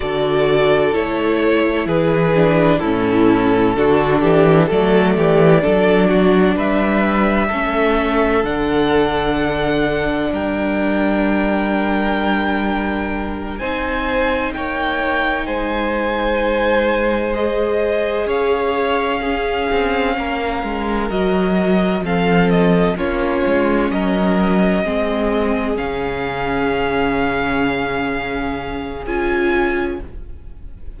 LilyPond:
<<
  \new Staff \with { instrumentName = "violin" } { \time 4/4 \tempo 4 = 64 d''4 cis''4 b'4 a'4~ | a'4 d''2 e''4~ | e''4 fis''2 g''4~ | g''2~ g''8 gis''4 g''8~ |
g''8 gis''2 dis''4 f''8~ | f''2~ f''8 dis''4 f''8 | dis''8 cis''4 dis''2 f''8~ | f''2. gis''4 | }
  \new Staff \with { instrumentName = "violin" } { \time 4/4 a'2 gis'4 e'4 | fis'8 g'8 a'8 g'8 a'8 fis'8 b'4 | a'2. ais'4~ | ais'2~ ais'8 c''4 cis''8~ |
cis''8 c''2. cis''8~ | cis''8 gis'4 ais'2 a'8~ | a'8 f'4 ais'4 gis'4.~ | gis'1 | }
  \new Staff \with { instrumentName = "viola" } { \time 4/4 fis'4 e'4. d'8 cis'4 | d'4 a4 d'2 | cis'4 d'2.~ | d'2~ d'8 dis'4.~ |
dis'2~ dis'8 gis'4.~ | gis'8 cis'2 fis'4 c'8~ | c'8 cis'2 c'4 cis'8~ | cis'2. f'4 | }
  \new Staff \with { instrumentName = "cello" } { \time 4/4 d4 a4 e4 a,4 | d8 e8 fis8 e8 fis4 g4 | a4 d2 g4~ | g2~ g8 c'4 ais8~ |
ais8 gis2. cis'8~ | cis'4 c'8 ais8 gis8 fis4 f8~ | f8 ais8 gis8 fis4 gis4 cis8~ | cis2. cis'4 | }
>>